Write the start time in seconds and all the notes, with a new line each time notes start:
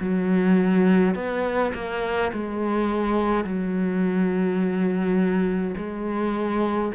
0.00 F#3
1.15 B3
1.74 A#3
2.33 G#3
3.44 F#3
5.76 G#3